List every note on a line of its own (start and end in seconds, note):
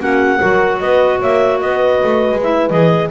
0.00 0.40 A#3
0.00 0.40 C#4
0.00 0.39 F#4
0.00 0.80 F#5
0.39 0.82 F#3
0.39 2.40 F#4
0.39 0.79 A#4
0.80 1.22 B3
0.80 1.19 B4
0.80 1.20 D#5
1.19 1.62 A#3
1.19 1.59 C#5
1.19 1.60 E5
1.60 2.02 B3
1.60 3.10 B4
1.60 2.40 D#5
2.03 2.31 A3
2.31 2.70 G#3
2.43 2.70 E4
2.43 2.69 E5
2.69 3.10 E3
2.69 3.10 G#4
2.69 3.09 D#5